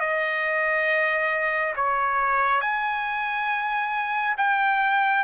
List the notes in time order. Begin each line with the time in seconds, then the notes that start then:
0.00 D#5
1.76 C#5
2.61 G#5
4.38 G5